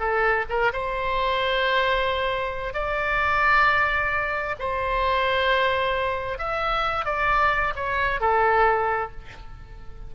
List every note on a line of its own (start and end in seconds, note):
0.00 0.45 A4
0.49 0.72 A#4
0.73 2.74 C5
2.74 4.56 D5
4.60 6.38 C5
6.38 7.06 E5
7.06 7.74 D5
7.76 8.21 C#5
8.21 9.12 A4